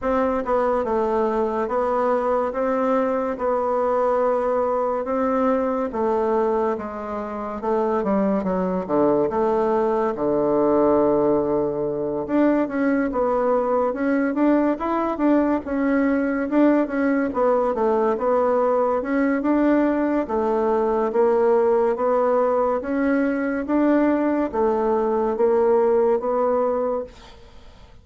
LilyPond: \new Staff \with { instrumentName = "bassoon" } { \time 4/4 \tempo 4 = 71 c'8 b8 a4 b4 c'4 | b2 c'4 a4 | gis4 a8 g8 fis8 d8 a4 | d2~ d8 d'8 cis'8 b8~ |
b8 cis'8 d'8 e'8 d'8 cis'4 d'8 | cis'8 b8 a8 b4 cis'8 d'4 | a4 ais4 b4 cis'4 | d'4 a4 ais4 b4 | }